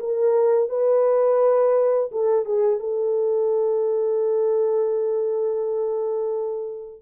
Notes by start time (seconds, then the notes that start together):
0.00 A#4
0.69 B4
2.12 A4
2.45 G#4
2.79 A4